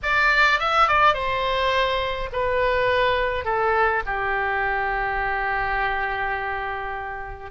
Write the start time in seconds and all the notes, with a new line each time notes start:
0.02 D5
0.59 E5
0.88 D5
1.14 C5
2.32 B4
3.45 A4
4.05 G4